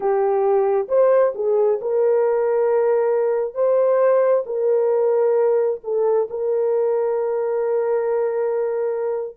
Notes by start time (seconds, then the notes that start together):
0.00 G4
0.88 C5
1.34 G#4
1.81 A#4
3.54 C5
4.45 A#4
5.83 A4
6.29 A#4